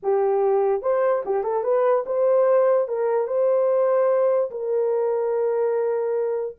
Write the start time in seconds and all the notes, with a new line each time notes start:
0.02 G4
0.81 C5
1.25 G4
1.43 A4
1.63 B4
2.05 C5
2.88 A#4
3.27 C5
4.51 A#4